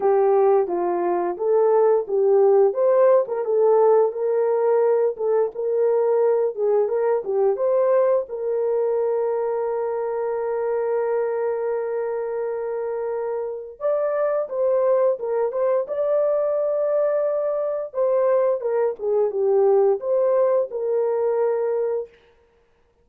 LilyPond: \new Staff \with { instrumentName = "horn" } { \time 4/4 \tempo 4 = 87 g'4 f'4 a'4 g'4 | c''8. ais'16 a'4 ais'4. a'8 | ais'4. gis'8 ais'8 g'8 c''4 | ais'1~ |
ais'1 | d''4 c''4 ais'8 c''8 d''4~ | d''2 c''4 ais'8 gis'8 | g'4 c''4 ais'2 | }